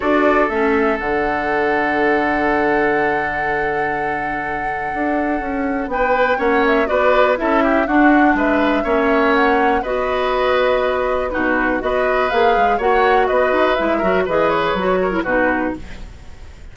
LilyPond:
<<
  \new Staff \with { instrumentName = "flute" } { \time 4/4 \tempo 4 = 122 d''4 e''4 fis''2~ | fis''1~ | fis''1 | g''4 fis''8 e''8 d''4 e''4 |
fis''4 e''2 fis''4 | dis''2. b'4 | dis''4 f''4 fis''4 dis''4 | e''4 dis''8 cis''4. b'4 | }
  \new Staff \with { instrumentName = "oboe" } { \time 4/4 a'1~ | a'1~ | a'1 | b'4 cis''4 b'4 a'8 g'8 |
fis'4 b'4 cis''2 | b'2. fis'4 | b'2 cis''4 b'4~ | b'8 ais'8 b'4. ais'8 fis'4 | }
  \new Staff \with { instrumentName = "clarinet" } { \time 4/4 fis'4 cis'4 d'2~ | d'1~ | d'1~ | d'4 cis'4 fis'4 e'4 |
d'2 cis'2 | fis'2. dis'4 | fis'4 gis'4 fis'2 | e'8 fis'8 gis'4 fis'8. e'16 dis'4 | }
  \new Staff \with { instrumentName = "bassoon" } { \time 4/4 d'4 a4 d2~ | d1~ | d2 d'4 cis'4 | b4 ais4 b4 cis'4 |
d'4 gis4 ais2 | b2. b,4 | b4 ais8 gis8 ais4 b8 dis'8 | gis8 fis8 e4 fis4 b,4 | }
>>